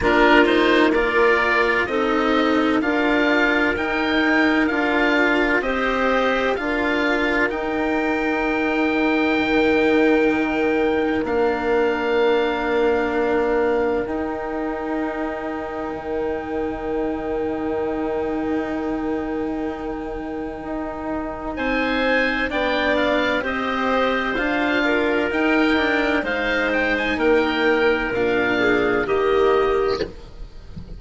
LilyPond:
<<
  \new Staff \with { instrumentName = "oboe" } { \time 4/4 \tempo 4 = 64 ais'8 c''8 d''4 dis''4 f''4 | g''4 f''4 dis''4 f''4 | g''1 | f''2. g''4~ |
g''1~ | g''2. gis''4 | g''8 f''8 dis''4 f''4 g''4 | f''8 g''16 gis''16 g''4 f''4 dis''4 | }
  \new Staff \with { instrumentName = "clarinet" } { \time 4/4 f'4 ais'4 a'4 ais'4~ | ais'2 c''4 ais'4~ | ais'1~ | ais'1~ |
ais'1~ | ais'2. c''4 | d''4 c''4. ais'4. | c''4 ais'4. gis'8 g'4 | }
  \new Staff \with { instrumentName = "cello" } { \time 4/4 d'8 dis'8 f'4 dis'4 f'4 | dis'4 f'4 g'4 f'4 | dis'1 | d'2. dis'4~ |
dis'1~ | dis'1 | d'4 g'4 f'4 dis'8 d'8 | dis'2 d'4 ais4 | }
  \new Staff \with { instrumentName = "bassoon" } { \time 4/4 ais2 c'4 d'4 | dis'4 d'4 c'4 d'4 | dis'2 dis2 | ais2. dis'4~ |
dis'4 dis2.~ | dis2 dis'4 c'4 | b4 c'4 d'4 dis'4 | gis4 ais4 ais,4 dis4 | }
>>